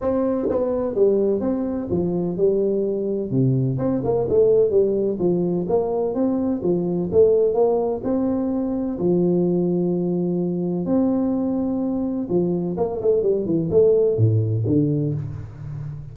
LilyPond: \new Staff \with { instrumentName = "tuba" } { \time 4/4 \tempo 4 = 127 c'4 b4 g4 c'4 | f4 g2 c4 | c'8 ais8 a4 g4 f4 | ais4 c'4 f4 a4 |
ais4 c'2 f4~ | f2. c'4~ | c'2 f4 ais8 a8 | g8 e8 a4 a,4 d4 | }